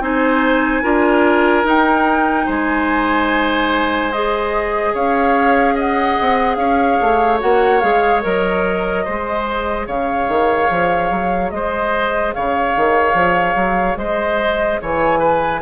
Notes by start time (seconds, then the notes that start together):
0.00 C4 D#4 C5 G#5
0.83 D4 F4 A#4
1.65 D#4 G5
2.46 G#3 C5 G#5
4.12 G#4 D#5
4.94 C#4 C#5 F5
5.75 D#5 F#5
6.21 C4
6.56 C#4 C#5 F5
7.02 A3
7.40 A#3 F#4 F#5
7.80 G#3 G#4 F5
8.23 F#3 A#4 D#5
9.05 G#3 G#4 C5
9.87 C#3 C#5 F5
10.29 D#3
10.70 F3
11.11 F#3
11.51 G#3 C5 D#5
12.34 C#3 C#5 F5
12.77 D#3
13.14 F3
13.56 F#3
13.96 G#3 C5 D#5
14.82 E3 C#5 G#5
15.19 B4